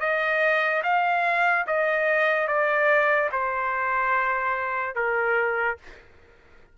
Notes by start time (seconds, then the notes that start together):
0.00 D#5
0.83 F5
1.67 D#5
2.48 D5
3.32 C5
4.95 A#4